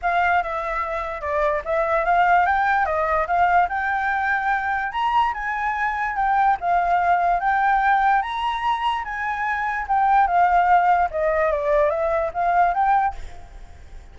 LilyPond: \new Staff \with { instrumentName = "flute" } { \time 4/4 \tempo 4 = 146 f''4 e''2 d''4 | e''4 f''4 g''4 dis''4 | f''4 g''2. | ais''4 gis''2 g''4 |
f''2 g''2 | ais''2 gis''2 | g''4 f''2 dis''4 | d''4 e''4 f''4 g''4 | }